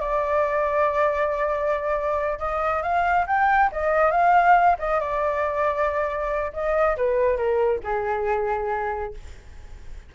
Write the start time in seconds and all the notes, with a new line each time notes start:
0.00 D5
2.39 D#5
2.82 F5
3.27 G5
3.72 D#5
4.11 F5
4.79 D#5
5.00 D5
6.53 D#5
6.97 B4
7.37 A#4
7.84 G#4